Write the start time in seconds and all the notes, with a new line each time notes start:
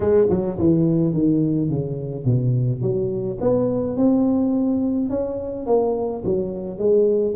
0.00 G#3
0.29 F#3
0.58 E3
1.13 D#3
1.69 C#3
2.24 B2
2.81 F#3
3.40 B3
3.96 C4
5.09 C#4
5.66 A#3
6.24 F#3
6.78 G#3